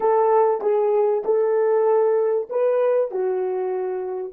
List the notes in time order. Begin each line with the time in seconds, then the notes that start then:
0.00 A4
0.61 G#4
1.24 A4
2.49 B4
3.11 F#4